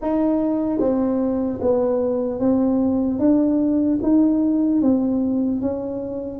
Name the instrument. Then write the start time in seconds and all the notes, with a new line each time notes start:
tuba
0.01 D#4
0.79 C4
1.61 B3
2.39 C4
3.19 D4
4.02 D#4
4.81 C4
5.61 C#4